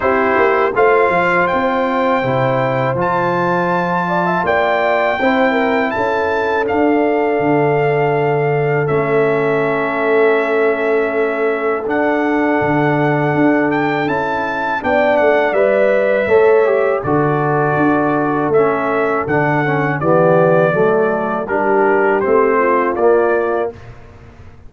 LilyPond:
<<
  \new Staff \with { instrumentName = "trumpet" } { \time 4/4 \tempo 4 = 81 c''4 f''4 g''2 | a''2 g''2 | a''4 f''2. | e''1 |
fis''2~ fis''8 g''8 a''4 | g''8 fis''8 e''2 d''4~ | d''4 e''4 fis''4 d''4~ | d''4 ais'4 c''4 d''4 | }
  \new Staff \with { instrumentName = "horn" } { \time 4/4 g'4 c''2.~ | c''4. d''16 e''16 d''4 c''8 ais'8 | a'1~ | a'1~ |
a'1 | d''2 cis''4 a'4~ | a'2. g'4 | a'4 g'4. f'4. | }
  \new Staff \with { instrumentName = "trombone" } { \time 4/4 e'4 f'2 e'4 | f'2. e'4~ | e'4 d'2. | cis'1 |
d'2. e'4 | d'4 b'4 a'8 g'8 fis'4~ | fis'4 cis'4 d'8 cis'8 b4 | a4 d'4 c'4 ais4 | }
  \new Staff \with { instrumentName = "tuba" } { \time 4/4 c'8 ais8 a8 f8 c'4 c4 | f2 ais4 c'4 | cis'4 d'4 d2 | a1 |
d'4 d4 d'4 cis'4 | b8 a8 g4 a4 d4 | d'4 a4 d4 e4 | fis4 g4 a4 ais4 | }
>>